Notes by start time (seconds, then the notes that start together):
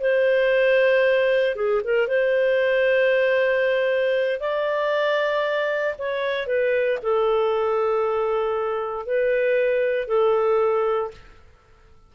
0.00 C5
1.55 G#4
1.83 A#4
2.07 C5
4.40 D5
5.98 C#5
6.47 B4
7.02 A4
9.06 B4
10.07 A4